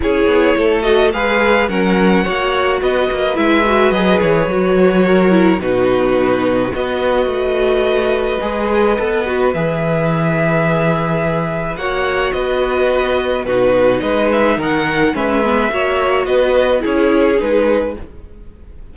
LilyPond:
<<
  \new Staff \with { instrumentName = "violin" } { \time 4/4 \tempo 4 = 107 cis''4. dis''8 f''4 fis''4~ | fis''4 dis''4 e''4 dis''8 cis''8~ | cis''2 b'2 | dis''1~ |
dis''4 e''2.~ | e''4 fis''4 dis''2 | b'4 dis''8 e''8 fis''4 e''4~ | e''4 dis''4 cis''4 b'4 | }
  \new Staff \with { instrumentName = "violin" } { \time 4/4 gis'4 a'4 b'4 ais'4 | cis''4 b'2.~ | b'4 ais'4 fis'2 | b'1~ |
b'1~ | b'4 cis''4 b'2 | fis'4 b'4 ais'4 b'4 | cis''4 b'4 gis'2 | }
  \new Staff \with { instrumentName = "viola" } { \time 4/4 e'4. fis'8 gis'4 cis'4 | fis'2 e'8 fis'8 gis'4 | fis'4. e'8 dis'2 | fis'2. gis'4 |
a'8 fis'8 gis'2.~ | gis'4 fis'2. | dis'2. cis'8 b8 | fis'2 e'4 dis'4 | }
  \new Staff \with { instrumentName = "cello" } { \time 4/4 cis'8 b8 a4 gis4 fis4 | ais4 b8 ais8 gis4 fis8 e8 | fis2 b,2 | b4 a2 gis4 |
b4 e2.~ | e4 ais4 b2 | b,4 gis4 dis4 gis4 | ais4 b4 cis'4 gis4 | }
>>